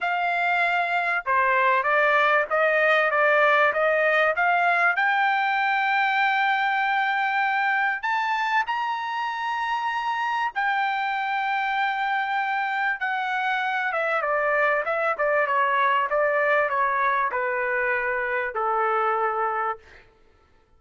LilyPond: \new Staff \with { instrumentName = "trumpet" } { \time 4/4 \tempo 4 = 97 f''2 c''4 d''4 | dis''4 d''4 dis''4 f''4 | g''1~ | g''4 a''4 ais''2~ |
ais''4 g''2.~ | g''4 fis''4. e''8 d''4 | e''8 d''8 cis''4 d''4 cis''4 | b'2 a'2 | }